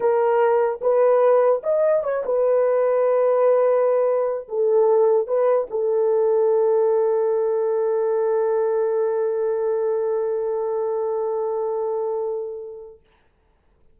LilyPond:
\new Staff \with { instrumentName = "horn" } { \time 4/4 \tempo 4 = 148 ais'2 b'2 | dis''4 cis''8 b'2~ b'8~ | b'2. a'4~ | a'4 b'4 a'2~ |
a'1~ | a'1~ | a'1~ | a'1 | }